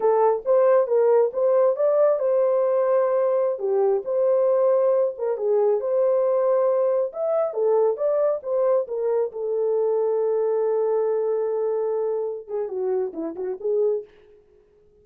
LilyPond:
\new Staff \with { instrumentName = "horn" } { \time 4/4 \tempo 4 = 137 a'4 c''4 ais'4 c''4 | d''4 c''2.~ | c''16 g'4 c''2~ c''8 ais'16~ | ais'16 gis'4 c''2~ c''8.~ |
c''16 e''4 a'4 d''4 c''8.~ | c''16 ais'4 a'2~ a'8.~ | a'1~ | a'8 gis'8 fis'4 e'8 fis'8 gis'4 | }